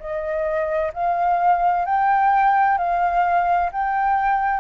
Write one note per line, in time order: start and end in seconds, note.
0.00 0.92 D#5
0.94 1.86 F5
1.86 2.78 G5
2.78 3.70 F5
3.73 4.61 G5